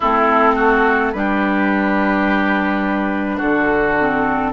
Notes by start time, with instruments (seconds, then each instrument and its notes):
0.00 bassoon A3, clarinet C4, oboe E4, flute A4
0.55 oboe F#4
1.12 bassoon G3, clarinet D4, oboe G4, flute B4
3.37 bassoon D3, oboe F#4, flute A4
4.00 clarinet C4